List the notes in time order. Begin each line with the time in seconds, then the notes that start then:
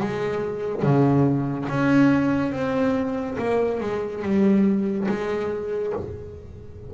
0.00 G#3
0.83 C#3
1.69 C#4
2.52 C4
3.38 A#3
3.80 G#3
4.23 G3
5.08 G#3